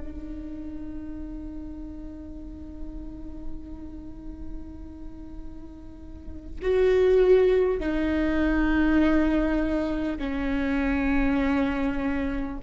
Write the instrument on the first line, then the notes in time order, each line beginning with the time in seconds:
viola
0.00 D#4
6.62 F#4
7.79 D#4
10.18 C#4